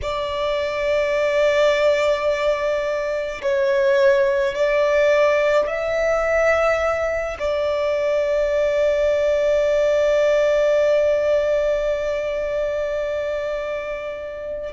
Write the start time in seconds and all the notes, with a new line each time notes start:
0.02 D5
3.42 C#5
4.54 D5
5.67 E5
7.39 D5